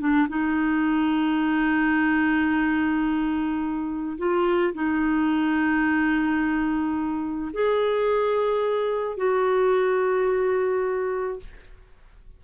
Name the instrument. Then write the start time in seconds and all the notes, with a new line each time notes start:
clarinet
0.00 D4
0.29 D#4
4.18 F4
4.74 D#4
7.53 G#4
9.17 F#4